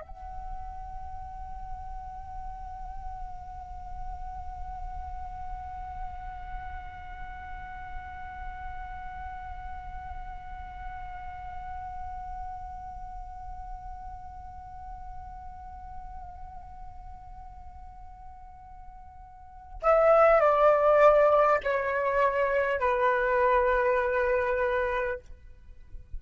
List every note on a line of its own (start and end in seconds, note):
0.00 19.80 F#5
19.82 20.40 E5
20.40 21.60 D5
21.63 22.79 C#5
22.79 25.19 B4